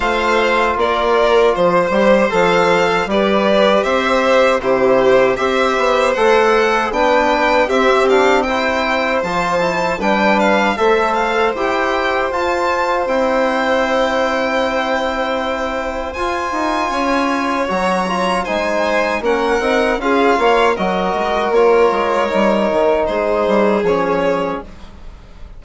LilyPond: <<
  \new Staff \with { instrumentName = "violin" } { \time 4/4 \tempo 4 = 78 f''4 d''4 c''4 f''4 | d''4 e''4 c''4 e''4 | fis''4 g''4 e''8 f''8 g''4 | a''4 g''8 f''8 e''8 f''8 g''4 |
a''4 g''2.~ | g''4 gis''2 ais''4 | gis''4 fis''4 f''4 dis''4 | cis''2 c''4 cis''4 | }
  \new Staff \with { instrumentName = "violin" } { \time 4/4 c''4 ais'4 c''2 | b'4 c''4 g'4 c''4~ | c''4 b'4 g'4 c''4~ | c''4 b'4 c''2~ |
c''1~ | c''2 cis''2 | c''4 ais'4 gis'8 cis''8 ais'4~ | ais'2 gis'2 | }
  \new Staff \with { instrumentName = "trombone" } { \time 4/4 f'2~ f'8 g'8 a'4 | g'2 e'4 g'4 | a'4 d'4 c'8 d'8 e'4 | f'8 e'8 d'4 a'4 g'4 |
f'4 e'2.~ | e'4 f'2 fis'8 f'8 | dis'4 cis'8 dis'8 f'4 fis'4 | f'4 dis'2 cis'4 | }
  \new Staff \with { instrumentName = "bassoon" } { \time 4/4 a4 ais4 f8 g8 f4 | g4 c'4 c4 c'8 b8 | a4 b4 c'2 | f4 g4 a4 e'4 |
f'4 c'2.~ | c'4 f'8 dis'8 cis'4 fis4 | gis4 ais8 c'8 cis'8 ais8 fis8 gis8 | ais8 gis8 g8 dis8 gis8 g8 f4 | }
>>